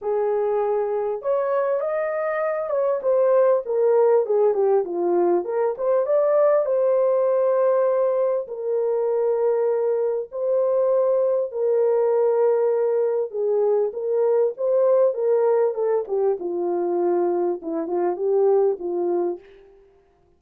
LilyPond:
\new Staff \with { instrumentName = "horn" } { \time 4/4 \tempo 4 = 99 gis'2 cis''4 dis''4~ | dis''8 cis''8 c''4 ais'4 gis'8 g'8 | f'4 ais'8 c''8 d''4 c''4~ | c''2 ais'2~ |
ais'4 c''2 ais'4~ | ais'2 gis'4 ais'4 | c''4 ais'4 a'8 g'8 f'4~ | f'4 e'8 f'8 g'4 f'4 | }